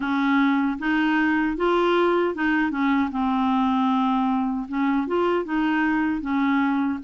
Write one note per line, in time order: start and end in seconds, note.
0.00 0.78 C#4
0.78 1.56 D#4
1.57 2.34 F4
2.34 2.70 D#4
2.70 3.09 C#4
3.11 4.66 C4
4.68 5.06 C#4
5.06 5.44 F4
5.44 6.21 D#4
6.21 6.99 C#4